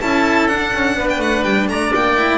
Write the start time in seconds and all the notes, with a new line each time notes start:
0.00 C#4 E4 A4 A5
0.47 D4 F#5
0.74 C#4
0.95 B3 B4
1.09 G5
1.18 A3 F#5
1.43 G3 G5
1.68 A3 D5 A#5
1.94 A#3 G5
2.16 E4